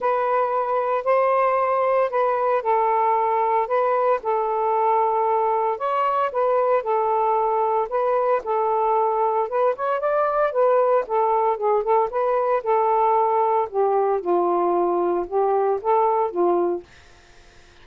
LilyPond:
\new Staff \with { instrumentName = "saxophone" } { \time 4/4 \tempo 4 = 114 b'2 c''2 | b'4 a'2 b'4 | a'2. cis''4 | b'4 a'2 b'4 |
a'2 b'8 cis''8 d''4 | b'4 a'4 gis'8 a'8 b'4 | a'2 g'4 f'4~ | f'4 g'4 a'4 f'4 | }